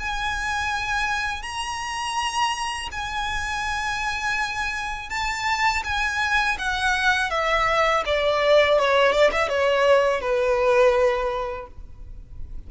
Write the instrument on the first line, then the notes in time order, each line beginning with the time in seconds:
violin
0.00 G#5
1.43 A#5
2.92 G#5
5.10 A5
5.85 G#5
6.59 F#5
7.31 E5
8.06 D5
8.79 C#5
9.13 D5
9.33 E5
9.50 C#5
10.21 B4